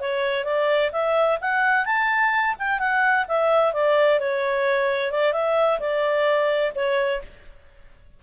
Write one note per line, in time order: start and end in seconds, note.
0.00 0.44 C#5
0.44 0.91 D5
0.92 1.39 E5
1.41 1.85 F#5
1.85 2.55 A5
2.59 2.79 G5
2.79 3.26 F#5
3.28 3.73 E5
3.73 4.20 D5
4.20 5.12 C#5
5.12 5.33 D5
5.33 5.79 E5
5.80 6.73 D5
6.75 7.22 C#5